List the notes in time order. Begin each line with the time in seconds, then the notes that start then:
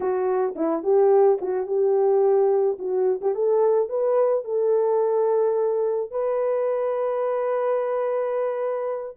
0.00 F#4
0.55 E4
0.83 G4
1.41 F#4
1.66 G4
2.79 F#4
3.21 G4
3.35 A4
3.89 B4
4.44 A4
6.10 B4